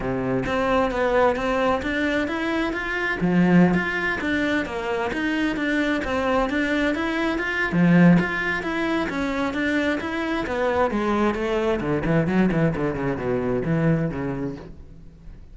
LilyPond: \new Staff \with { instrumentName = "cello" } { \time 4/4 \tempo 4 = 132 c4 c'4 b4 c'4 | d'4 e'4 f'4 f4~ | f16 f'4 d'4 ais4 dis'8.~ | dis'16 d'4 c'4 d'4 e'8.~ |
e'16 f'8. f4 f'4 e'4 | cis'4 d'4 e'4 b4 | gis4 a4 d8 e8 fis8 e8 | d8 cis8 b,4 e4 cis4 | }